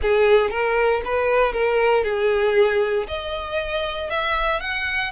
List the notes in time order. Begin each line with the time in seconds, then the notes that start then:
0.02 G#4
0.50 A#4
1.04 B4
1.52 A#4
2.04 G#4
3.07 D#5
4.09 E5
4.60 F#5